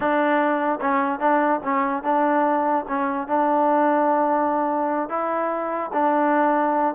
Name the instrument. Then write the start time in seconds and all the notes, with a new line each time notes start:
trombone
0.00 D4
0.80 C#4
1.19 D4
1.63 C#4
2.03 D4
2.88 C#4
3.27 D4
5.09 E4
5.93 D4